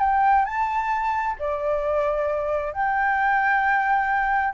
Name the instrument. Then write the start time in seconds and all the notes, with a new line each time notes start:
flute
0.00 G5
0.46 A5
1.39 D5
2.73 G5